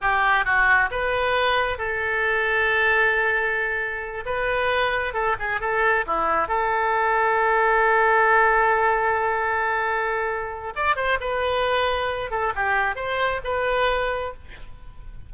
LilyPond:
\new Staff \with { instrumentName = "oboe" } { \time 4/4 \tempo 4 = 134 g'4 fis'4 b'2 | a'1~ | a'4. b'2 a'8 | gis'8 a'4 e'4 a'4.~ |
a'1~ | a'1 | d''8 c''8 b'2~ b'8 a'8 | g'4 c''4 b'2 | }